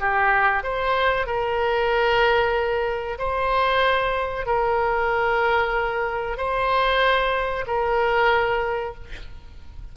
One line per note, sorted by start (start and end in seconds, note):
0.00 0.64 G4
0.64 1.27 C5
1.27 3.19 A#4
3.19 4.46 C5
4.46 6.38 A#4
6.38 7.65 C5
7.67 8.95 A#4